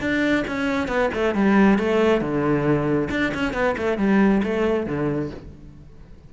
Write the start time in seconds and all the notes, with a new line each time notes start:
0.00 D4
0.47 C#4
0.88 B3
1.14 A3
1.34 G3
1.78 A3
2.21 D3
3.10 D4
3.34 C#4
3.53 B3
3.77 A3
3.98 G3
4.43 A3
4.86 D3